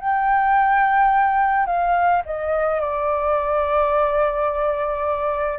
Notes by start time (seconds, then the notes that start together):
0.00 G5
1.66 F5
2.25 D#5
2.81 D5